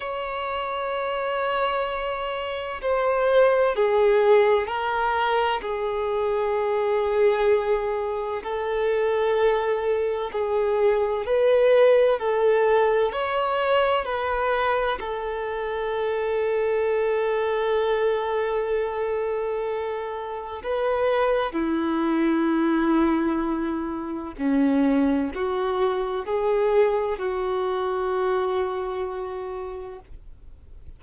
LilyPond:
\new Staff \with { instrumentName = "violin" } { \time 4/4 \tempo 4 = 64 cis''2. c''4 | gis'4 ais'4 gis'2~ | gis'4 a'2 gis'4 | b'4 a'4 cis''4 b'4 |
a'1~ | a'2 b'4 e'4~ | e'2 cis'4 fis'4 | gis'4 fis'2. | }